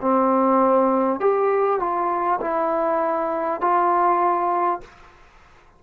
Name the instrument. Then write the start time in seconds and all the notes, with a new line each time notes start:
trombone
0.00 C4
1.20 G4
1.79 F4
2.40 E4
3.60 F4